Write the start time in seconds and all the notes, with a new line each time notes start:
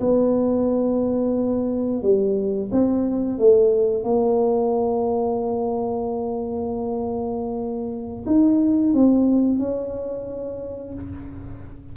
0.00 B3
2.02 G3
2.71 C4
3.38 A3
4.04 A#3
8.26 D#4
8.93 C4
9.59 C#4